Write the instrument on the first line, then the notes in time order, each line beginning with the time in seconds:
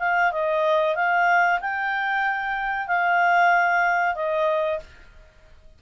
clarinet
0.00 F5
0.32 D#5
0.96 F5
1.61 G5
2.88 F5
4.15 D#5